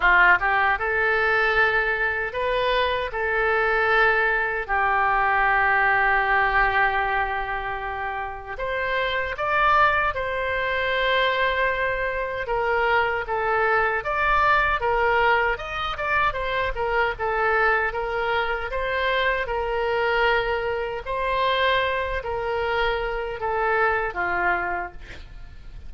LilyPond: \new Staff \with { instrumentName = "oboe" } { \time 4/4 \tempo 4 = 77 f'8 g'8 a'2 b'4 | a'2 g'2~ | g'2. c''4 | d''4 c''2. |
ais'4 a'4 d''4 ais'4 | dis''8 d''8 c''8 ais'8 a'4 ais'4 | c''4 ais'2 c''4~ | c''8 ais'4. a'4 f'4 | }